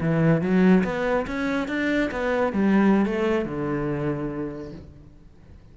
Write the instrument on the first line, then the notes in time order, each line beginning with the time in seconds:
cello
0.00 E3
0.41 F#3
0.84 B3
1.26 C#4
1.68 D4
2.11 B3
2.52 G3
3.05 A3
3.45 D3